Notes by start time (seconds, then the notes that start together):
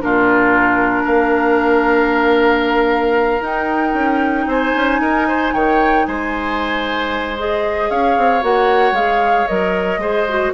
0.00 A#2 D4 F4 A#4
1.03 A#3 A#4 F5
3.40 D#4 G5
3.93 C#4
4.46 C4 C5 G#5
4.76 C#4
4.99 D#4 A#4
5.28 C5
5.53 D#3 C#5 G5
6.05 G#3 C5 G#5
7.38 G#4 D#5
7.90 C#4 C#5 F5
8.17 C4
8.41 A#3 F#4 F#5
8.92 G#3 G#4 F5
9.47 F#3 A#4 D#5
9.97 G#3 G#4 C5
10.28 F#4